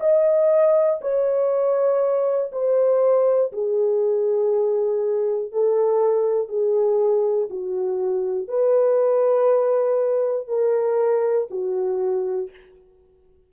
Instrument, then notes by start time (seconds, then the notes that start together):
horn
0.00 D#5
1.01 C#5
2.52 C5
3.53 G#4
5.52 A4
6.49 G#4
7.50 F#4
8.48 B4
10.48 A#4
11.50 F#4